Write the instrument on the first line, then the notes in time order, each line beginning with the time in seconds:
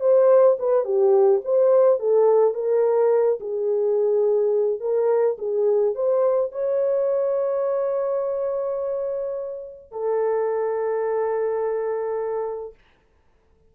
horn
0.00 C5
0.59 B4
0.84 G4
1.44 C5
1.99 A4
2.54 A#4
3.40 G#4
4.80 A#4
5.38 G#4
5.95 C5
6.51 C#5
9.91 A4